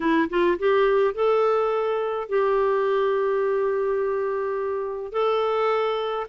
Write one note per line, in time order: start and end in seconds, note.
0.00 0.29 E4
0.29 0.58 F4
0.58 1.14 G4
1.14 2.28 A4
2.28 5.12 G4
5.12 6.26 A4